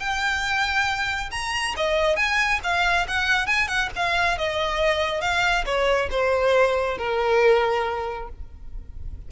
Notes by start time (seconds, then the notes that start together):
0.00 G5
1.31 A#5
1.77 D#5
2.17 G#5
2.64 F5
3.08 F#5
3.47 G#5
3.68 F#5
3.96 F5
4.38 D#5
5.22 F5
5.66 C#5
6.11 C5
6.98 A#4